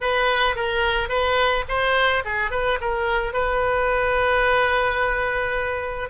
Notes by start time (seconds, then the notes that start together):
0.01 B4
0.55 A#4
1.08 B4
1.68 C5
2.24 G#4
2.51 B4
2.80 A#4
3.33 B4